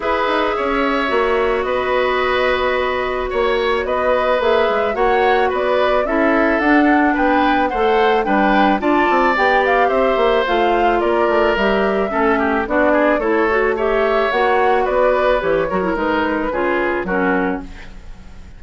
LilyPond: <<
  \new Staff \with { instrumentName = "flute" } { \time 4/4 \tempo 4 = 109 e''2. dis''4~ | dis''2 cis''4 dis''4 | e''4 fis''4 d''4 e''4 | fis''4 g''4 fis''4 g''4 |
a''4 g''8 f''8 e''4 f''4 | d''4 e''2 d''4 | cis''4 e''4 fis''4 d''4 | cis''4 b'2 ais'4 | }
  \new Staff \with { instrumentName = "oboe" } { \time 4/4 b'4 cis''2 b'4~ | b'2 cis''4 b'4~ | b'4 cis''4 b'4 a'4~ | a'4 b'4 c''4 b'4 |
d''2 c''2 | ais'2 a'8 g'8 fis'8 gis'8 | a'4 cis''2 b'4~ | b'8 ais'4. gis'4 fis'4 | }
  \new Staff \with { instrumentName = "clarinet" } { \time 4/4 gis'2 fis'2~ | fis'1 | gis'4 fis'2 e'4 | d'2 a'4 d'4 |
f'4 g'2 f'4~ | f'4 g'4 cis'4 d'4 | e'8 fis'8 g'4 fis'2 | g'8 fis'16 e'16 dis'4 f'4 cis'4 | }
  \new Staff \with { instrumentName = "bassoon" } { \time 4/4 e'8 dis'8 cis'4 ais4 b4~ | b2 ais4 b4 | ais8 gis8 ais4 b4 cis'4 | d'4 b4 a4 g4 |
d'8 c'8 b4 c'8 ais8 a4 | ais8 a8 g4 a4 b4 | a2 ais4 b4 | e8 fis8 gis4 cis4 fis4 | }
>>